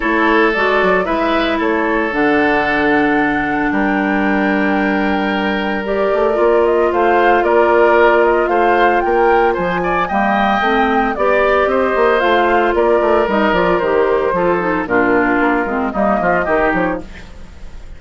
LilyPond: <<
  \new Staff \with { instrumentName = "flute" } { \time 4/4 \tempo 4 = 113 cis''4 d''4 e''4 cis''4 | fis''2. g''4~ | g''2. d''4~ | d''8 dis''8 f''4 d''4. dis''8 |
f''4 g''4 gis''4 g''4~ | g''4 d''4 dis''4 f''4 | d''4 dis''8 d''8 c''2 | ais'2 dis''4. cis''8 | }
  \new Staff \with { instrumentName = "oboe" } { \time 4/4 a'2 b'4 a'4~ | a'2. ais'4~ | ais'1~ | ais'4 c''4 ais'2 |
c''4 ais'4 c''8 d''8 dis''4~ | dis''4 d''4 c''2 | ais'2. a'4 | f'2 dis'8 f'8 g'4 | }
  \new Staff \with { instrumentName = "clarinet" } { \time 4/4 e'4 fis'4 e'2 | d'1~ | d'2. g'4 | f'1~ |
f'2. ais4 | c'4 g'2 f'4~ | f'4 dis'8 f'8 g'4 f'8 dis'8 | d'4. c'8 ais4 dis'4 | }
  \new Staff \with { instrumentName = "bassoon" } { \time 4/4 a4 gis8 fis8 gis4 a4 | d2. g4~ | g2.~ g8 a8 | ais4 a4 ais2 |
a4 ais4 f4 g4 | a4 b4 c'8 ais8 a4 | ais8 a8 g8 f8 dis4 f4 | ais,4 ais8 gis8 g8 f8 dis8 f8 | }
>>